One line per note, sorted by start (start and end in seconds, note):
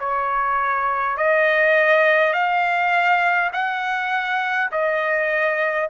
0.00 1.18 C#5
1.18 2.33 D#5
2.33 3.51 F5
3.53 4.71 F#5
4.72 5.89 D#5